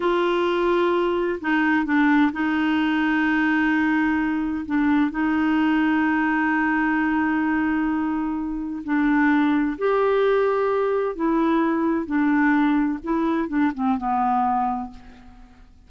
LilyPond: \new Staff \with { instrumentName = "clarinet" } { \time 4/4 \tempo 4 = 129 f'2. dis'4 | d'4 dis'2.~ | dis'2 d'4 dis'4~ | dis'1~ |
dis'2. d'4~ | d'4 g'2. | e'2 d'2 | e'4 d'8 c'8 b2 | }